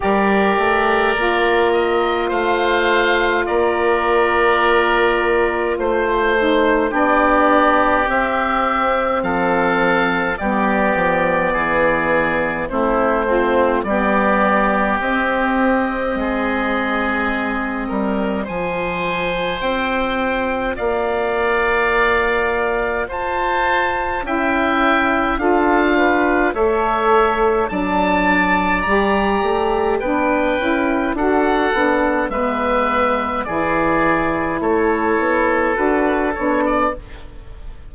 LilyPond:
<<
  \new Staff \with { instrumentName = "oboe" } { \time 4/4 \tempo 4 = 52 d''4. dis''8 f''4 d''4~ | d''4 c''4 d''4 e''4 | f''4 d''2 c''4 | d''4 dis''2. |
gis''4 g''4 f''2 | a''4 g''4 f''4 e''4 | a''4 ais''4 g''4 fis''4 | e''4 d''4 cis''4 b'8 cis''16 d''16 | }
  \new Staff \with { instrumentName = "oboe" } { \time 4/4 ais'2 c''4 ais'4~ | ais'4 c''4 g'2 | a'4 g'4 gis'4 e'8 c'8 | g'2 gis'4. ais'8 |
c''2 d''2 | c''4 e''4 a'8 b'8 cis''4 | d''2 b'4 a'4 | b'4 gis'4 a'2 | }
  \new Staff \with { instrumentName = "saxophone" } { \time 4/4 g'4 f'2.~ | f'4. dis'8 d'4 c'4~ | c'4 b2 c'8 f'8 | b4 c'2. |
f'1~ | f'4 e'4 f'4 a'4 | d'4 g'4 d'8 e'8 fis'8 d'8 | b4 e'2 fis'8 d'8 | }
  \new Staff \with { instrumentName = "bassoon" } { \time 4/4 g8 a8 ais4 a4 ais4~ | ais4 a4 b4 c'4 | f4 g8 f8 e4 a4 | g4 c'4 gis4. g8 |
f4 c'4 ais2 | f'4 cis'4 d'4 a4 | fis4 g8 a8 b8 cis'8 d'8 b8 | gis4 e4 a8 b8 d'8 b8 | }
>>